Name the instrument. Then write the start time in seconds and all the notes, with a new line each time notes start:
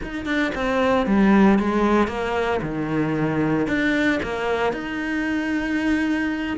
cello
0.02 D#4
0.25 D4
0.54 C4
1.06 G3
1.59 G#3
2.07 A#3
2.61 D#3
3.67 D4
4.22 A#3
4.72 D#4